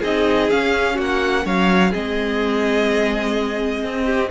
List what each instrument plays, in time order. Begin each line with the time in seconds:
0.00 cello C4, viola D#4, violin G#4 D#5
0.50 viola C#4, cello C#4, violin F5
0.95 cello A#3, violin F#4 F#5
1.45 cello F#3, violin C#5 F5
1.90 cello G#3, viola C4, violin G#4 D#5
3.83 cello C4
4.05 violin G4